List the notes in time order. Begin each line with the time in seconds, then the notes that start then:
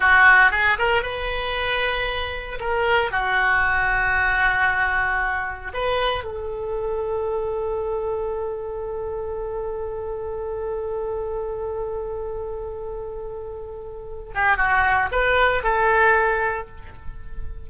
0.00 F#4
0.51 G#4
0.78 A#4
1.02 B4
2.60 A#4
3.11 F#4
5.73 B4
6.23 A4
14.35 G4
14.57 F#4
15.11 B4
15.63 A4